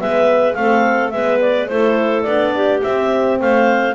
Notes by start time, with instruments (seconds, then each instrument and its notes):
0.00 double bass G#3, horn B3, clarinet B4 E5
0.54 double bass A3, horn C4, clarinet F5
0.60 clarinet A4
1.10 double bass G#3, horn B3, clarinet B4 E5
1.41 clarinet D5
1.68 double bass A3, horn E4, clarinet A4 C5
2.23 double bass B3, horn D4, clarinet D5
2.56 clarinet G4
2.82 horn C4, double bass C4, clarinet E5
3.40 double bass A3, clarinet C5 F5